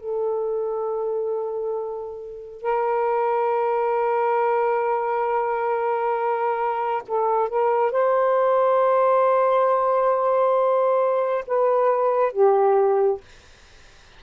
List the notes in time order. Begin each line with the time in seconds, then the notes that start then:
0.00 A4
2.62 A#4
7.08 A4
7.49 A#4
7.92 C5
11.47 B4
12.32 G4